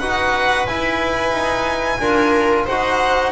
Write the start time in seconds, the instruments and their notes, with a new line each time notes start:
0.00 double bass D#4, trombone F#4, viola B4, violin F#5
0.67 trombone E4, double bass E4, violin G#5
1.32 double bass D#4
2.00 double bass D4, trombone F4, viola A#4
2.66 double bass D#4, trombone F#4, viola C5, violin F#5